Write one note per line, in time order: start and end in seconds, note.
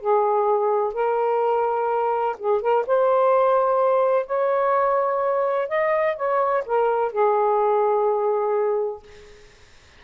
0.00 0.93 G#4
0.93 2.36 A#4
2.38 2.61 G#4
2.61 2.85 A#4
2.86 4.26 C5
4.26 5.68 C#5
5.68 6.16 D#5
6.16 6.64 C#5
6.66 7.12 A#4
7.12 9.03 G#4